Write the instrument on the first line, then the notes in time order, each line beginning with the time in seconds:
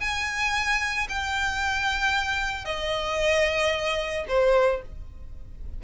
violin
0.00 G#5
1.09 G5
2.65 D#5
4.28 C5